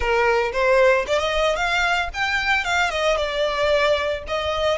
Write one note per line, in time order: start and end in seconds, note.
0.00 0.51 A#4
0.52 1.05 C5
1.07 1.19 D5
1.19 1.56 D#5
1.56 2.09 F5
2.13 2.64 G5
2.64 2.90 F5
2.90 3.16 D#5
3.17 4.23 D5
4.27 4.77 D#5